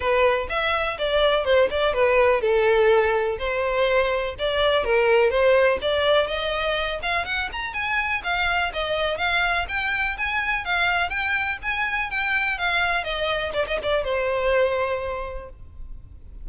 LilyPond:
\new Staff \with { instrumentName = "violin" } { \time 4/4 \tempo 4 = 124 b'4 e''4 d''4 c''8 d''8 | b'4 a'2 c''4~ | c''4 d''4 ais'4 c''4 | d''4 dis''4. f''8 fis''8 ais''8 |
gis''4 f''4 dis''4 f''4 | g''4 gis''4 f''4 g''4 | gis''4 g''4 f''4 dis''4 | d''16 dis''16 d''8 c''2. | }